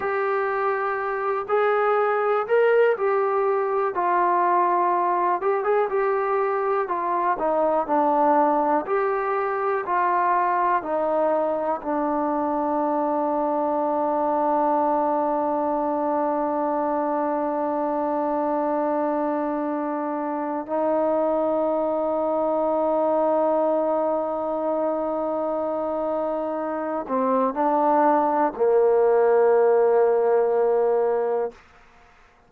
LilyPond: \new Staff \with { instrumentName = "trombone" } { \time 4/4 \tempo 4 = 61 g'4. gis'4 ais'8 g'4 | f'4. g'16 gis'16 g'4 f'8 dis'8 | d'4 g'4 f'4 dis'4 | d'1~ |
d'1~ | d'4 dis'2.~ | dis'2.~ dis'8 c'8 | d'4 ais2. | }